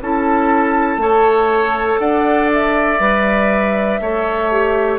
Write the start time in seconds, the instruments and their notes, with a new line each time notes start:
0.00 bassoon C#4, clarinet E4, oboe A4, flute A5
0.97 bassoon A3, clarinet A4, oboe C#5
1.99 bassoon D4, oboe D5, flute F#5
2.52 flute E5
2.99 bassoon G3, clarinet B4
4.00 bassoon A3, clarinet A4, oboe C#5
4.51 clarinet G4